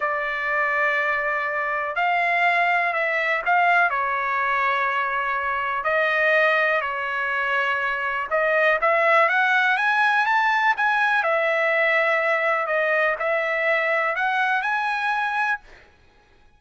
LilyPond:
\new Staff \with { instrumentName = "trumpet" } { \time 4/4 \tempo 4 = 123 d''1 | f''2 e''4 f''4 | cis''1 | dis''2 cis''2~ |
cis''4 dis''4 e''4 fis''4 | gis''4 a''4 gis''4 e''4~ | e''2 dis''4 e''4~ | e''4 fis''4 gis''2 | }